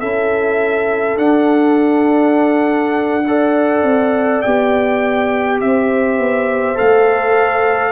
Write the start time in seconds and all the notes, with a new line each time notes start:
0.00 C#4 E4 A4 E5
1.17 D4 F#5
3.27 A4 D5
3.82 C4
4.42 B3 G4 G5
5.60 C4 C5 E5
6.19 B3
6.75 A3 A4 F5